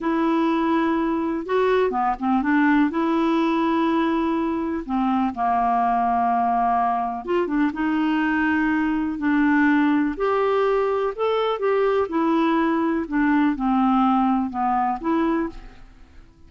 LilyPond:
\new Staff \with { instrumentName = "clarinet" } { \time 4/4 \tempo 4 = 124 e'2. fis'4 | b8 c'8 d'4 e'2~ | e'2 c'4 ais4~ | ais2. f'8 d'8 |
dis'2. d'4~ | d'4 g'2 a'4 | g'4 e'2 d'4 | c'2 b4 e'4 | }